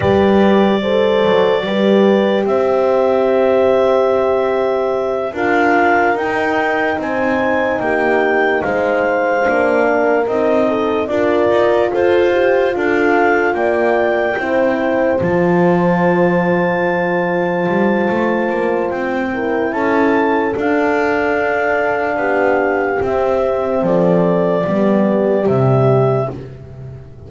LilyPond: <<
  \new Staff \with { instrumentName = "clarinet" } { \time 4/4 \tempo 4 = 73 d''2. e''4~ | e''2~ e''8 f''4 g''8~ | g''8 gis''4 g''4 f''4.~ | f''8 dis''4 d''4 c''4 f''8~ |
f''8 g''2 a''4.~ | a''2. g''4 | a''4 f''2. | e''4 d''2 e''4 | }
  \new Staff \with { instrumentName = "horn" } { \time 4/4 b'4 c''4 b'4 c''4~ | c''2~ c''8 ais'4.~ | ais'8 c''4 g'4 c''4. | ais'4 a'8 ais'4 a'8 g'8 a'8~ |
a'8 d''4 c''2~ c''8~ | c''2.~ c''8 ais'8 | a'2. g'4~ | g'4 a'4 g'2 | }
  \new Staff \with { instrumentName = "horn" } { \time 4/4 g'4 a'4 g'2~ | g'2~ g'8 f'4 dis'8~ | dis'2.~ dis'8 d'8~ | d'8 dis'4 f'2~ f'8~ |
f'4. e'4 f'4.~ | f'2.~ f'8 e'8~ | e'4 d'2. | c'2 b4 g4 | }
  \new Staff \with { instrumentName = "double bass" } { \time 4/4 g4. fis8 g4 c'4~ | c'2~ c'8 d'4 dis'8~ | dis'8 c'4 ais4 gis4 ais8~ | ais8 c'4 d'8 dis'8 f'4 d'8~ |
d'8 ais4 c'4 f4.~ | f4. g8 a8 ais8 c'4 | cis'4 d'2 b4 | c'4 f4 g4 c4 | }
>>